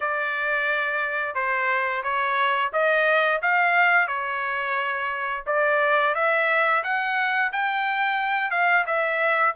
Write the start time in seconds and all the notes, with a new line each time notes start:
0.00 D5
1.34 C5
2.03 C#5
2.73 D#5
3.42 F5
4.07 C#5
5.46 D5
6.15 E5
6.83 F#5
7.52 G5
8.50 F5
8.86 E5